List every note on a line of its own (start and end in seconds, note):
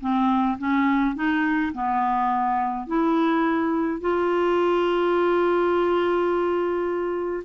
0.00 0.57 C4
0.58 1.15 C#4
1.15 1.72 D#4
1.73 2.86 B3
2.86 4.01 E4
4.01 7.43 F4